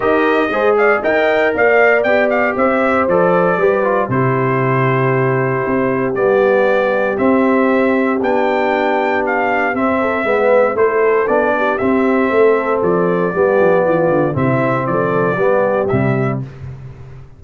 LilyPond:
<<
  \new Staff \with { instrumentName = "trumpet" } { \time 4/4 \tempo 4 = 117 dis''4. f''8 g''4 f''4 | g''8 f''8 e''4 d''2 | c''1 | d''2 e''2 |
g''2 f''4 e''4~ | e''4 c''4 d''4 e''4~ | e''4 d''2. | e''4 d''2 e''4 | }
  \new Staff \with { instrumentName = "horn" } { \time 4/4 ais'4 c''8 d''8 dis''4 d''4~ | d''4 c''2 b'4 | g'1~ | g'1~ |
g'2.~ g'8 a'8 | b'4 a'4. g'4. | a'2 g'4 f'4 | e'4 a'4 g'2 | }
  \new Staff \with { instrumentName = "trombone" } { \time 4/4 g'4 gis'4 ais'2 | g'2 a'4 g'8 f'8 | e'1 | b2 c'2 |
d'2. c'4 | b4 e'4 d'4 c'4~ | c'2 b2 | c'2 b4 g4 | }
  \new Staff \with { instrumentName = "tuba" } { \time 4/4 dis'4 gis4 dis'4 ais4 | b4 c'4 f4 g4 | c2. c'4 | g2 c'2 |
b2. c'4 | gis4 a4 b4 c'4 | a4 f4 g8 f8 e8 d8 | c4 f4 g4 c4 | }
>>